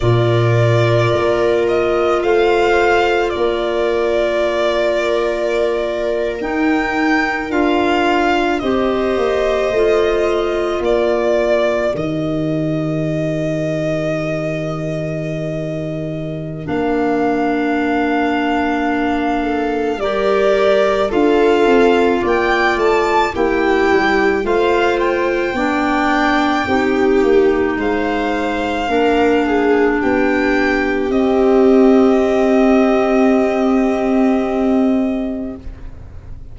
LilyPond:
<<
  \new Staff \with { instrumentName = "violin" } { \time 4/4 \tempo 4 = 54 d''4. dis''8 f''4 d''4~ | d''4.~ d''16 g''4 f''4 dis''16~ | dis''4.~ dis''16 d''4 dis''4~ dis''16~ | dis''2. f''4~ |
f''2 d''4 f''4 | g''8 a''8 g''4 f''8 g''4.~ | g''4 f''2 g''4 | dis''1 | }
  \new Staff \with { instrumentName = "viola" } { \time 4/4 ais'2 c''4 ais'4~ | ais'2.~ ais'8. c''16~ | c''4.~ c''16 ais'2~ ais'16~ | ais'1~ |
ais'4. a'8 ais'4 a'4 | d''4 g'4 c''4 d''4 | g'4 c''4 ais'8 gis'8 g'4~ | g'1 | }
  \new Staff \with { instrumentName = "clarinet" } { \time 4/4 f'1~ | f'4.~ f'16 dis'4 f'4 g'16~ | g'8. f'2 g'4~ g'16~ | g'2. d'4~ |
d'2 g'4 f'4~ | f'4 e'4 f'4 d'4 | dis'2 d'2 | c'1 | }
  \new Staff \with { instrumentName = "tuba" } { \time 4/4 ais,4 ais4 a4 ais4~ | ais4.~ ais16 dis'4 d'4 c'16~ | c'16 ais8 a4 ais4 dis4~ dis16~ | dis2. ais4~ |
ais2 g4 d'8 c'8 | ais8 a8 ais8 g8 a4 b4 | c'8 ais8 gis4 ais4 b4 | c'1 | }
>>